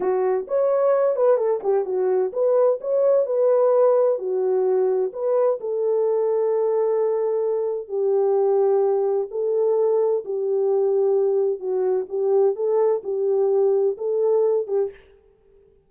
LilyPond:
\new Staff \with { instrumentName = "horn" } { \time 4/4 \tempo 4 = 129 fis'4 cis''4. b'8 a'8 g'8 | fis'4 b'4 cis''4 b'4~ | b'4 fis'2 b'4 | a'1~ |
a'4 g'2. | a'2 g'2~ | g'4 fis'4 g'4 a'4 | g'2 a'4. g'8 | }